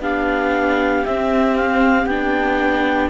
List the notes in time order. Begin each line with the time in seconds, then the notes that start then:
0.00 B3 D4 G4 F5
1.05 C4 E5
1.56 F5
2.05 B3 D4 G5